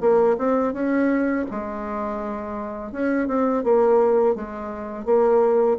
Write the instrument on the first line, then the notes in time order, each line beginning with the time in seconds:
bassoon
0.00 A#3
0.38 C4
0.73 C#4
1.50 G#3
2.92 C#4
3.27 C4
3.63 A#3
4.35 G#3
5.05 A#3